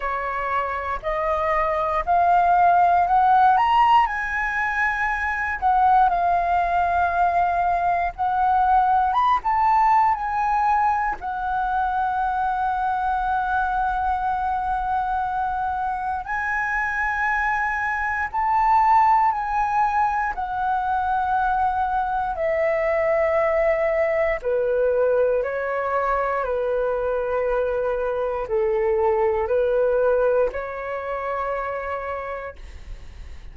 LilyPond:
\new Staff \with { instrumentName = "flute" } { \time 4/4 \tempo 4 = 59 cis''4 dis''4 f''4 fis''8 ais''8 | gis''4. fis''8 f''2 | fis''4 b''16 a''8. gis''4 fis''4~ | fis''1 |
gis''2 a''4 gis''4 | fis''2 e''2 | b'4 cis''4 b'2 | a'4 b'4 cis''2 | }